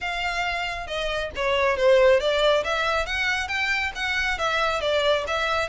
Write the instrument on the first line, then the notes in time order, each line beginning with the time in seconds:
violin
0.01 F5
0.86 D#5
1.35 C#5
1.76 C5
2.19 D5
2.64 E5
3.06 F#5
3.48 G5
3.95 F#5
4.38 E5
4.81 D5
5.27 E5